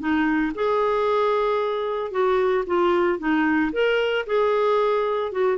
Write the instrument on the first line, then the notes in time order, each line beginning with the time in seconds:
clarinet
0.00 D#4
0.56 G#4
2.12 F#4
2.67 F4
3.19 D#4
3.73 A#4
4.27 G#4
5.33 F#4